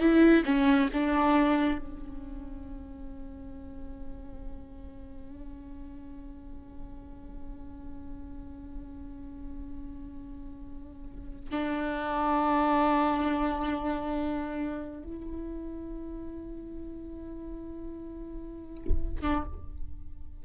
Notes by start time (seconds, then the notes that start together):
0.00 E4
0.45 C#4
0.94 D4
1.79 C#4
11.52 D4
15.04 E4
19.22 D4